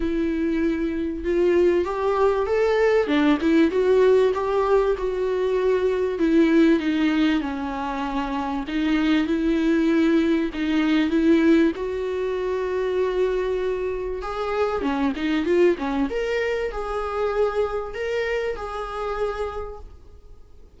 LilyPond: \new Staff \with { instrumentName = "viola" } { \time 4/4 \tempo 4 = 97 e'2 f'4 g'4 | a'4 d'8 e'8 fis'4 g'4 | fis'2 e'4 dis'4 | cis'2 dis'4 e'4~ |
e'4 dis'4 e'4 fis'4~ | fis'2. gis'4 | cis'8 dis'8 f'8 cis'8 ais'4 gis'4~ | gis'4 ais'4 gis'2 | }